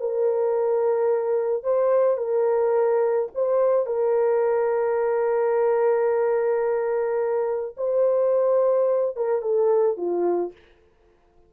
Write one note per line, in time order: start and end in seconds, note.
0.00 1.64 A#4
1.64 2.18 C5
2.18 3.29 A#4
3.35 3.87 C5
3.87 7.76 A#4
7.78 9.16 C5
9.16 9.42 A#4
9.42 9.97 A4
9.97 10.53 F4